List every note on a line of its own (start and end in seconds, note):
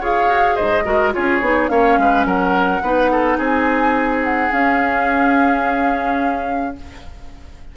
0.00 0.28 F4
0.00 0.85 G#4
0.00 0.55 C#5
0.00 0.56 F5
0.28 0.56 F#4
0.55 0.86 G#2
0.55 0.83 C5
0.55 1.12 D#5
0.85 1.14 G#3
0.85 1.12 F#4
0.85 1.13 A#4
1.12 1.41 C#4
1.12 1.41 F4
1.12 1.71 G#4
1.12 1.69 C#5
1.41 1.69 B3
1.41 1.69 D#4
1.69 1.97 A#3
1.69 2.81 C#4
1.69 1.99 C#5
1.69 2.25 F5
1.97 2.25 G#3
1.97 2.26 B4
2.25 2.81 F#3
2.25 2.82 A#4
2.25 3.38 F#5
2.82 3.38 B3
2.82 4.51 D#4
2.82 3.11 B4
3.12 3.37 A4
3.37 4.50 C4
3.37 6.74 G#4
3.37 4.24 G#5
4.24 4.52 F#5
4.51 6.75 C#4
4.51 6.76 C#4
4.51 6.76 F5